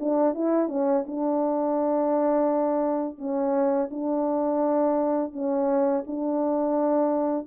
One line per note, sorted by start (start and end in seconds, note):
0.00 0.34 D4
0.34 0.69 E4
0.69 1.04 C#4
1.06 3.18 D4
3.18 3.89 C#4
3.90 5.32 D4
5.32 6.04 C#4
6.07 7.47 D4